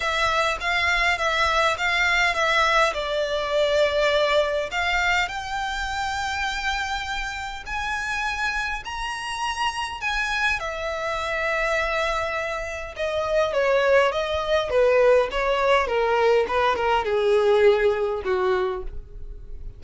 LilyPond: \new Staff \with { instrumentName = "violin" } { \time 4/4 \tempo 4 = 102 e''4 f''4 e''4 f''4 | e''4 d''2. | f''4 g''2.~ | g''4 gis''2 ais''4~ |
ais''4 gis''4 e''2~ | e''2 dis''4 cis''4 | dis''4 b'4 cis''4 ais'4 | b'8 ais'8 gis'2 fis'4 | }